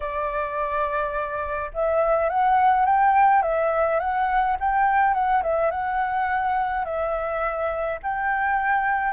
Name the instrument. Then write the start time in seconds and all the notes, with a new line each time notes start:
flute
0.00 D5
1.73 E5
2.29 F#5
2.85 G5
3.42 E5
3.99 F#5
4.60 G5
5.14 F#5
5.43 E5
5.70 F#5
6.84 E5
8.03 G5